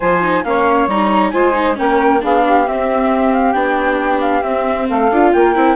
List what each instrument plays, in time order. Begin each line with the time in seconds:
0.00 bassoon F3, viola F4, saxophone C5, flute G#5
0.21 viola D#4
0.44 bassoon A#3, viola C#4, saxophone C#5, flute F5
0.87 bassoon G3, viola D#4, flute A#5
1.30 bassoon G#3, viola F4, saxophone C5, flute G#5
1.52 viola D#4
1.74 bassoon A#3, viola C#4, saxophone A#4, flute G5
2.21 bassoon B3, viola D4, saxophone G#4, flute F5
2.43 saxophone G4
2.67 viola C4, bassoon C4, flute E5
3.33 flute F5
3.52 bassoon B3, viola D4, flute G5
4.20 flute F5
4.42 viola C4, bassoon C4, flute E5
4.87 bassoon A3, saxophone A4, flute F5
5.11 bassoon D4, viola F4
5.33 bassoon A#3, saxophone A#4, flute G5
5.55 bassoon C4, viola E4